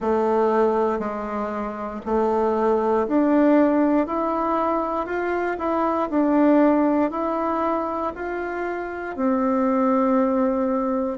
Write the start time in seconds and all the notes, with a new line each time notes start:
0.00 A3
0.99 G#3
2.05 A3
3.07 D4
4.07 E4
5.06 F4
5.58 E4
6.10 D4
7.10 E4
8.15 F4
9.15 C4